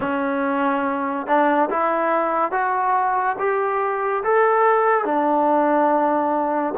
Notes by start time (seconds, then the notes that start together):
0.00 C#4
1.27 D4
1.70 E4
2.51 F#4
3.38 G4
4.23 A4
5.04 D4